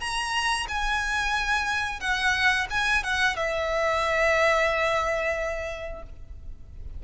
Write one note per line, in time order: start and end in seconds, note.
0.00 0.67 A#5
0.68 2.00 G#5
2.00 2.67 F#5
2.70 3.03 G#5
3.03 3.36 F#5
3.36 6.03 E5